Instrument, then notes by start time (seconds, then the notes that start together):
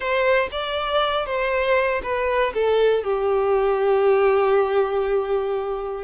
violin
0.00 C5
0.51 D5
1.26 C5
2.02 B4
2.54 A4
3.03 G4